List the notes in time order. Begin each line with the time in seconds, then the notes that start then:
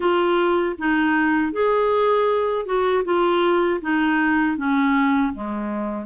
0.00 F4
0.78 D#4
1.52 G#4
2.65 F#4
3.04 F4
3.81 D#4
4.57 C#4
5.33 G#3